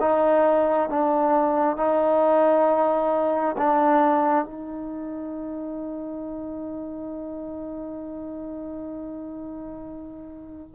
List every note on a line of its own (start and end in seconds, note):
0.00 0.89 D#4
0.89 1.77 D4
1.77 3.56 D#4
3.58 4.45 D4
4.45 10.72 D#4